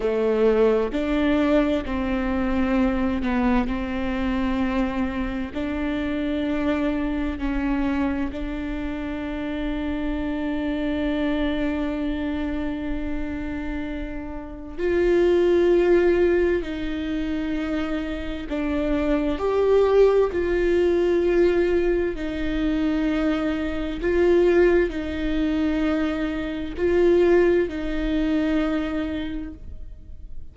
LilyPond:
\new Staff \with { instrumentName = "viola" } { \time 4/4 \tempo 4 = 65 a4 d'4 c'4. b8 | c'2 d'2 | cis'4 d'2.~ | d'1 |
f'2 dis'2 | d'4 g'4 f'2 | dis'2 f'4 dis'4~ | dis'4 f'4 dis'2 | }